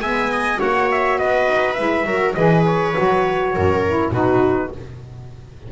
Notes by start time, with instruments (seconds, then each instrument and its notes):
0.00 double bass G#3, saxophone B3, viola E5, trumpet G#5
0.31 viola D#5
0.56 double bass A#3, saxophone F#4, viola C#5, trumpet F#5
0.90 trumpet E5
1.18 double bass B3, viola B4, trumpet D#5
1.48 double bass D#4
1.73 double bass G#3, saxophone E4, trumpet E5
2.05 double bass F#3, saxophone F#4, viola A#4
2.34 double bass E3, saxophone G#4, viola B4, trumpet D#5
2.66 trumpet C#5
2.94 double bass F#3, saxophone F#4
3.54 double bass F#2, viola A#4
3.87 saxophone E4
4.11 double bass B2, saxophone D#4, viola F#4, trumpet B4